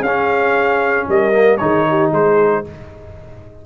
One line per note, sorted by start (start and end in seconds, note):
0.00 1.04 C#4
0.00 1.06 G#4
0.00 1.07 F5
0.07 1.32 C#4
1.08 1.61 G3
1.08 1.60 A#4
1.08 1.57 D#5
1.32 1.59 A#3
1.57 2.12 D#3
1.57 2.64 D#4
1.57 1.87 G#4
1.57 2.10 C#5
1.89 2.13 G4
2.12 2.64 G#3
2.12 2.65 G#4
2.12 2.66 C5